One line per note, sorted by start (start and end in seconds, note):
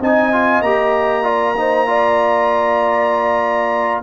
0.00 0.61 C4
0.00 0.32 D#4
0.00 1.24 D#5
0.00 0.62 G#5
0.32 0.63 F4
0.61 4.02 A#3
0.61 1.23 G4
0.61 4.02 A#5
1.23 1.54 F4
1.23 1.55 D5
1.57 1.87 D#4
1.57 1.88 C5
1.87 4.03 F4
1.87 4.03 D5